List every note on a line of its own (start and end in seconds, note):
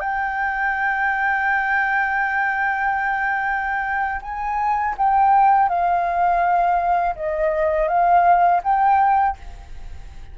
0.00 4.21 G5
4.22 4.95 G#5
4.97 5.68 G5
5.68 7.15 F5
7.15 7.88 D#5
7.88 8.61 F5
8.63 9.37 G5